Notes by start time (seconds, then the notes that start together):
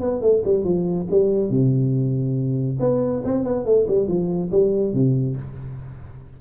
0.00 B3
0.21 A3
0.44 G3
0.64 F3
1.10 G3
1.50 C3
2.80 B3
3.25 C4
3.44 B3
3.65 A3
3.88 G3
4.08 F3
4.51 G3
4.93 C3